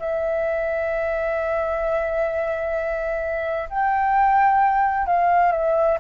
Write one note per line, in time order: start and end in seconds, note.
0.00 3.69 E5
3.70 5.06 G5
5.06 5.52 F5
5.52 5.98 E5